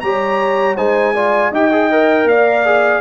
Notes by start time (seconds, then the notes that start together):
0.00 G3 G4 C#5 A#5
0.76 G#3 D#4 C5 G#5
1.14 F4 D5
1.51 D#4 G4 D#5 G5
1.71 G#4
1.91 A#4
2.24 A#3 D5 F5
2.65 G#4